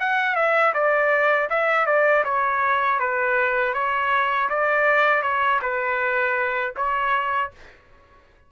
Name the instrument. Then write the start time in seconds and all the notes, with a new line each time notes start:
trumpet
0.00 F#5
0.35 E5
0.74 D5
1.50 E5
1.86 D5
2.25 C#5
3.00 B4
3.74 C#5
4.50 D5
5.23 C#5
5.62 B4
6.77 C#5